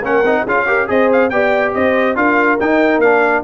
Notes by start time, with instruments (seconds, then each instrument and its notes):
0.00 tuba A#3, trombone C#4, horn A#4, trumpet F#5
0.23 tuba C4, trombone D#4
0.44 tuba C#4, trombone F4, horn G#4, trumpet F5
0.67 trombone G4, horn A#4
0.87 tuba C4, trombone G#4, horn C5, trumpet D#5
1.12 trumpet F5
1.29 tuba B3, trombone G4, horn D5, trumpet G5
1.74 tuba C4, horn C5, trumpet D#5
2.15 tuba D4, trombone F4, horn A#4, trumpet F5
2.60 tuba D#4, trombone D#4, trumpet G5
2.98 tuba A#3, trombone D4, trumpet F5